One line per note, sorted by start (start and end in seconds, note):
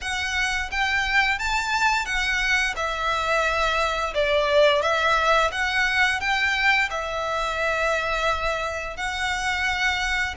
0.01 0.70 F#5
0.71 1.39 G5
1.39 2.05 A5
2.05 2.74 F#5
2.76 4.13 E5
4.14 4.82 D5
4.82 5.50 E5
5.51 6.20 F#5
6.20 6.89 G5
6.90 8.97 E5
8.97 10.34 F#5